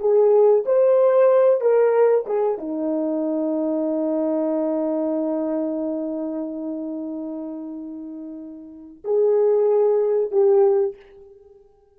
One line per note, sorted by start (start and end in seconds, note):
0.00 0.65 G#4
0.66 1.61 C5
1.61 2.26 A#4
2.26 2.58 G#4
2.58 9.03 D#4
9.04 10.31 G#4
10.31 10.96 G4